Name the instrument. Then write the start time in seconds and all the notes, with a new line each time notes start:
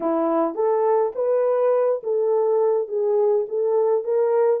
horn
0.00 E4
0.55 A4
1.15 B4
2.03 A4
2.88 G#4
3.48 A4
4.04 A#4